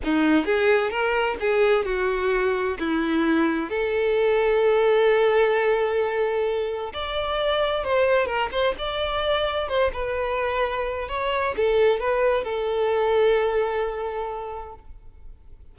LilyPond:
\new Staff \with { instrumentName = "violin" } { \time 4/4 \tempo 4 = 130 dis'4 gis'4 ais'4 gis'4 | fis'2 e'2 | a'1~ | a'2. d''4~ |
d''4 c''4 ais'8 c''8 d''4~ | d''4 c''8 b'2~ b'8 | cis''4 a'4 b'4 a'4~ | a'1 | }